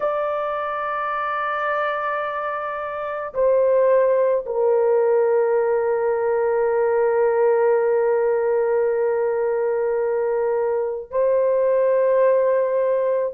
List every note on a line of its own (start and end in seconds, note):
0.00 3.33 D5
3.33 4.44 C5
4.45 11.11 A#4
11.11 13.33 C5